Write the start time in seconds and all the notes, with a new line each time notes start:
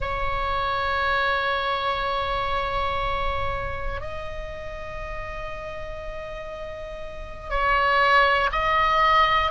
0.00 C#5
4.00 D#5
7.50 C#5
8.52 D#5